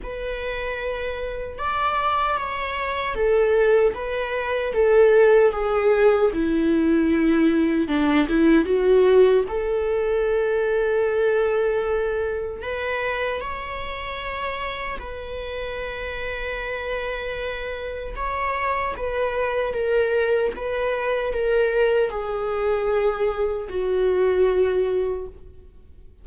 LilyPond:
\new Staff \with { instrumentName = "viola" } { \time 4/4 \tempo 4 = 76 b'2 d''4 cis''4 | a'4 b'4 a'4 gis'4 | e'2 d'8 e'8 fis'4 | a'1 |
b'4 cis''2 b'4~ | b'2. cis''4 | b'4 ais'4 b'4 ais'4 | gis'2 fis'2 | }